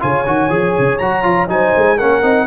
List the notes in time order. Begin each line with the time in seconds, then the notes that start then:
0.00 C#3 F4 C#5 G#5
0.27 D#3 F#4
0.50 F3 G#4
0.79 C#3
0.99 F#3 F#4 A#5
1.23 F3 F4
1.48 F#3 D#4 C5 G#5
1.77 G#3
1.97 A#3 C#4 A#4 F#5
2.23 C4 D#4